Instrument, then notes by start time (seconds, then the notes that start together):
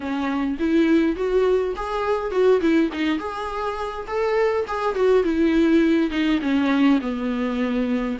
viola
0.00 C#4
0.59 E4
1.16 F#4
1.76 G#4
2.31 F#4
2.61 E4
2.93 D#4
3.19 G#4
4.07 A4
4.67 G#4
4.95 F#4
5.23 E4
6.10 D#4
6.41 C#4
7.01 B3